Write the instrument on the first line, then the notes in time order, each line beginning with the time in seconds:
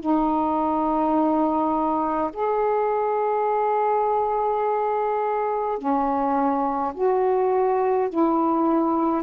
saxophone
0.00 D#4
2.33 G#4
5.78 C#4
6.94 F#4
8.09 E4